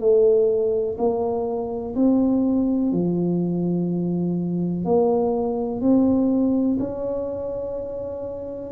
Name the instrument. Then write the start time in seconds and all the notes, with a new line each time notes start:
tuba
0.00 A3
0.98 A#3
1.95 C4
2.92 F3
4.85 A#3
5.81 C4
6.79 C#4